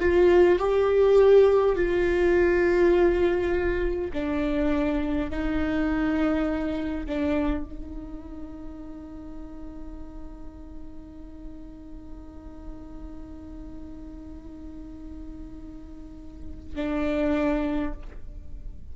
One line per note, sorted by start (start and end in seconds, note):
0.00 0.59 F4
0.59 1.76 G4
1.76 4.11 F4
4.13 5.30 D4
5.30 7.06 D#4
7.06 7.65 D4
7.65 16.75 D#4
16.75 17.93 D4